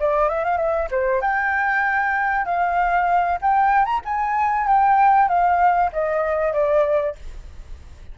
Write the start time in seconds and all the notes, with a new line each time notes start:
0.00 D5
0.29 E5
0.45 F5
0.57 E5
0.91 C5
1.21 G5
2.45 F5
3.42 G5
3.86 A#5
4.05 G#5
4.68 G5
5.29 F5
5.93 D#5
6.53 D5